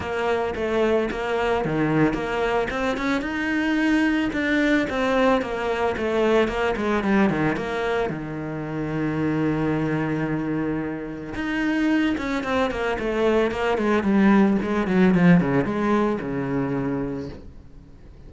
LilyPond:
\new Staff \with { instrumentName = "cello" } { \time 4/4 \tempo 4 = 111 ais4 a4 ais4 dis4 | ais4 c'8 cis'8 dis'2 | d'4 c'4 ais4 a4 | ais8 gis8 g8 dis8 ais4 dis4~ |
dis1~ | dis4 dis'4. cis'8 c'8 ais8 | a4 ais8 gis8 g4 gis8 fis8 | f8 cis8 gis4 cis2 | }